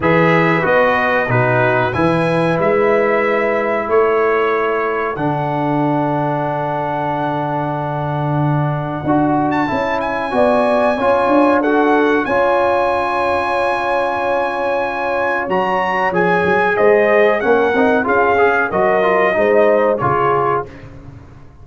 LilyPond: <<
  \new Staff \with { instrumentName = "trumpet" } { \time 4/4 \tempo 4 = 93 e''4 dis''4 b'4 gis''4 | e''2 cis''2 | fis''1~ | fis''2~ fis''8. a''8. gis''8~ |
gis''2 fis''4 gis''4~ | gis''1 | ais''4 gis''4 dis''4 fis''4 | f''4 dis''2 cis''4 | }
  \new Staff \with { instrumentName = "horn" } { \time 4/4 b'2 fis'4 b'4~ | b'2 a'2~ | a'1~ | a'1 |
d''4 cis''4 a'4 cis''4~ | cis''1~ | cis''2 c''4 ais'4 | gis'4 ais'4 c''4 gis'4 | }
  \new Staff \with { instrumentName = "trombone" } { \time 4/4 gis'4 fis'4 dis'4 e'4~ | e'1 | d'1~ | d'2 fis'4 e'4 |
fis'4 f'4 fis'4 f'4~ | f'1 | fis'4 gis'2 cis'8 dis'8 | f'8 gis'8 fis'8 f'8 dis'4 f'4 | }
  \new Staff \with { instrumentName = "tuba" } { \time 4/4 e4 b4 b,4 e4 | gis2 a2 | d1~ | d2 d'4 cis'4 |
b4 cis'8 d'4. cis'4~ | cis'1 | fis4 f8 fis8 gis4 ais8 c'8 | cis'4 fis4 gis4 cis4 | }
>>